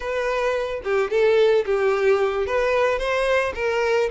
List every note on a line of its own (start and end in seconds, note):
0.00 0.81 B4
0.84 1.10 G4
1.10 1.65 A4
1.65 2.46 G4
2.46 2.99 B4
2.99 3.53 C5
3.55 4.09 A#4